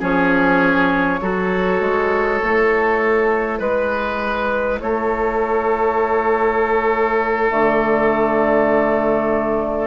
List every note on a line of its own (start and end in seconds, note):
0.00 1.21 F3
0.00 1.21 C#4
0.00 1.20 G#4
0.00 3.58 C#5
1.21 1.80 F#3
1.21 2.41 F#4
1.21 3.59 A4
1.80 2.41 G#3
2.41 3.60 A3
2.41 7.50 E4
3.58 4.80 G#3
3.58 4.79 B4
4.79 7.52 A3
4.79 9.87 A4
4.79 7.50 C#5
7.50 9.87 D3
7.50 9.87 A3
7.50 9.87 D5